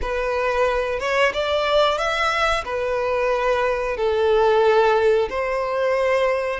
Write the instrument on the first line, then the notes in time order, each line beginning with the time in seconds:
violin
0.01 B4
0.99 C#5
1.33 D5
1.98 E5
2.64 B4
3.97 A4
5.29 C5